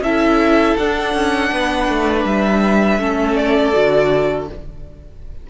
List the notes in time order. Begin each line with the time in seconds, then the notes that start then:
0.00 C#4 E4 A4 E5
0.77 D4 F#5
1.14 C#4
1.52 B3 B4
1.89 A3
2.25 G3 E5
2.99 A3 C#4 A4
3.36 D5
3.74 D3 F#4